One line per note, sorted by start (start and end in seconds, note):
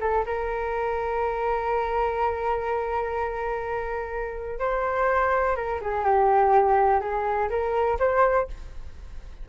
0.00 0.24 A4
0.25 4.59 A#4
4.59 5.55 C5
5.55 5.80 A#4
5.81 6.04 G#4
6.04 7.00 G4
7.00 7.49 G#4
7.49 7.98 A#4
7.99 8.47 C5